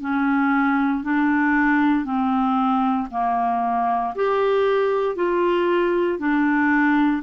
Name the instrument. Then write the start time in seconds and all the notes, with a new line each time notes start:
clarinet
0.00 C#4
1.03 D4
2.05 C4
3.11 A#3
4.15 G4
5.15 F4
6.19 D4